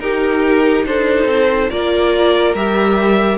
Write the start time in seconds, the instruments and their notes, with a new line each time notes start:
0.00 cello D#4, viola D#4, violin G4 A#4
0.85 cello D4, violin A4 C5
1.25 cello C4
1.70 cello A#3, viola F4, violin A#4 D5
2.54 cello G3, viola G4, violin E5